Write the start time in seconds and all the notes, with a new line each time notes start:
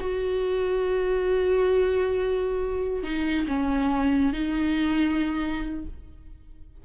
0.00 F#4
3.03 D#4
3.47 C#4
4.33 D#4